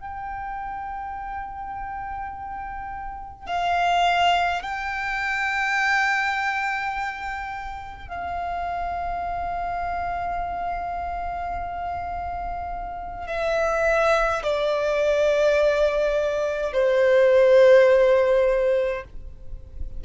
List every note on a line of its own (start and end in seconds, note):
0.00 3.46 G5
3.46 4.62 F5
4.62 8.08 G5
8.08 13.26 F5
13.26 14.42 E5
14.43 16.73 D5
16.73 19.03 C5